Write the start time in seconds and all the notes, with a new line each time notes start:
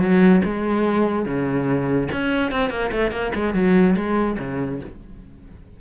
0.00 F#3
0.44 G#3
1.26 C#3
2.12 C#4
2.51 C4
2.70 A#3
2.92 A3
3.11 A#3
3.35 G#3
3.54 F#3
3.96 G#3
4.39 C#3